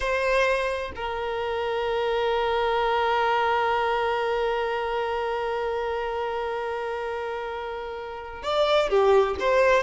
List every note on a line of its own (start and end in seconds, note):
0.00 0.91 C5
0.95 8.42 A#4
8.42 8.89 D5
8.89 9.36 G4
9.39 9.83 C5